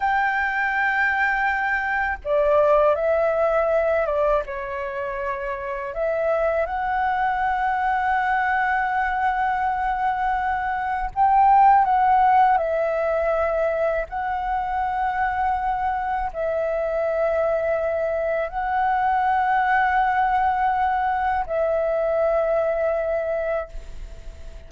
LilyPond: \new Staff \with { instrumentName = "flute" } { \time 4/4 \tempo 4 = 81 g''2. d''4 | e''4. d''8 cis''2 | e''4 fis''2.~ | fis''2. g''4 |
fis''4 e''2 fis''4~ | fis''2 e''2~ | e''4 fis''2.~ | fis''4 e''2. | }